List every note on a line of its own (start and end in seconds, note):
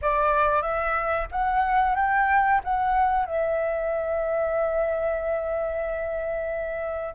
0.01 0.62 D5
0.62 1.27 E5
1.31 1.95 F#5
1.95 2.61 G5
2.64 3.25 F#5
3.25 7.14 E5